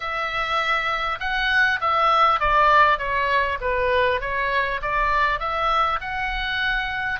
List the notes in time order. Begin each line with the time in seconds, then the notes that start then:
0.00 E5
1.19 F#5
1.81 E5
2.39 D5
2.98 C#5
3.60 B4
4.20 C#5
4.82 D5
5.39 E5
6.00 F#5